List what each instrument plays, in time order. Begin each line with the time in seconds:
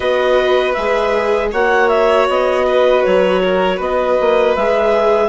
0.00 bassoon B3, viola F#4, violin B4, clarinet D#5
0.73 bassoon G#3, viola G#4, clarinet E5
1.51 bassoon A#3, viola F#4, violin C#5, clarinet F#5
1.88 clarinet E5
2.28 bassoon B3, clarinet D#5
2.66 violin B4
3.04 bassoon F#3, clarinet C#5
3.43 violin A#4
3.76 bassoon B3, violin B4, clarinet D#5
4.20 bassoon A#3
4.55 bassoon G#3, viola G#4, clarinet E5